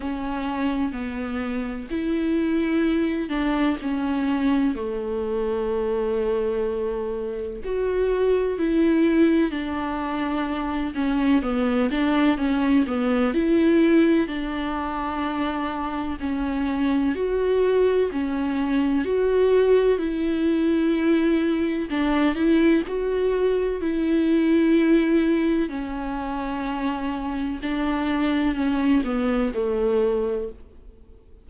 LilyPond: \new Staff \with { instrumentName = "viola" } { \time 4/4 \tempo 4 = 63 cis'4 b4 e'4. d'8 | cis'4 a2. | fis'4 e'4 d'4. cis'8 | b8 d'8 cis'8 b8 e'4 d'4~ |
d'4 cis'4 fis'4 cis'4 | fis'4 e'2 d'8 e'8 | fis'4 e'2 cis'4~ | cis'4 d'4 cis'8 b8 a4 | }